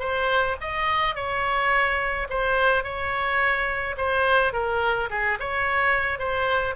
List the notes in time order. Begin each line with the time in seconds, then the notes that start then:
0.00 C5
0.61 D#5
1.16 C#5
2.30 C5
2.84 C#5
3.97 C5
4.53 A#4
5.11 G#4
5.40 C#5
6.19 C5